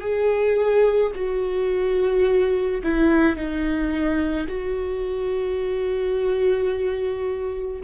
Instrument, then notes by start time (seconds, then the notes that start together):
viola
0.00 G#4
1.15 F#4
2.83 E4
3.36 D#4
4.47 F#4